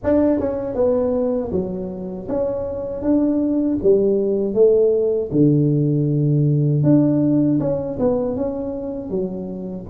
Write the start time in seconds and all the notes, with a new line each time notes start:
0.03 D4
0.39 C#4
0.75 B3
1.51 F#3
2.28 C#4
3.02 D4
3.82 G3
4.54 A3
5.31 D3
6.83 D4
7.59 C#4
7.99 B3
8.35 C#4
9.10 F#3